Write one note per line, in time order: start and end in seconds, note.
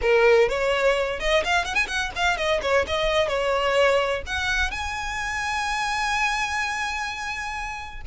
0.01 0.49 A#4
0.49 1.19 C#5
1.19 1.43 D#5
1.43 1.64 F5
1.64 1.75 F#5
1.75 1.86 G#5
1.87 2.11 F#5
2.15 2.37 F5
2.37 2.60 D#5
2.62 2.85 C#5
2.87 3.27 D#5
3.27 4.22 C#5
4.26 4.70 F#5
4.70 8.01 G#5